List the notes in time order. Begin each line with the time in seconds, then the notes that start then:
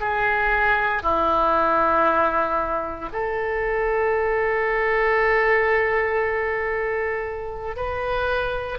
0.00 G#4
1.03 E4
3.12 A4
7.76 B4